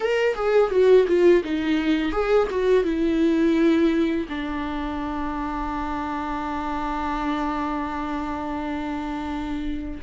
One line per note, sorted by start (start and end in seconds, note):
0.00 0.34 A#4
0.34 0.70 G#4
0.70 1.06 F#4
1.07 1.43 F4
1.44 2.11 D#4
2.11 2.47 G#4
2.50 2.84 F#4
2.84 4.27 E4
4.29 10.00 D4